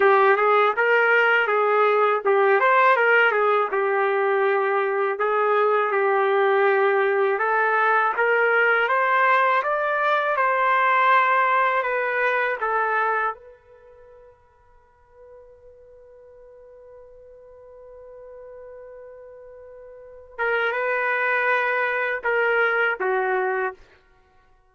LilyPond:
\new Staff \with { instrumentName = "trumpet" } { \time 4/4 \tempo 4 = 81 g'8 gis'8 ais'4 gis'4 g'8 c''8 | ais'8 gis'8 g'2 gis'4 | g'2 a'4 ais'4 | c''4 d''4 c''2 |
b'4 a'4 b'2~ | b'1~ | b'2.~ b'8 ais'8 | b'2 ais'4 fis'4 | }